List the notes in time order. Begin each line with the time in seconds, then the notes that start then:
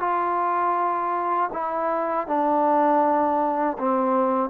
0.00 F4
1.53 E4
2.27 D4
3.78 C4